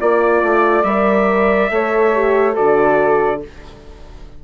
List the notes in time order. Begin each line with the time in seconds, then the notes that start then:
0.00 A#3 F4 D5
0.42 A3
0.83 G3 A#4 E5
1.70 A3 A4 C#5
2.14 G4
2.54 D3 F#4 A4 D5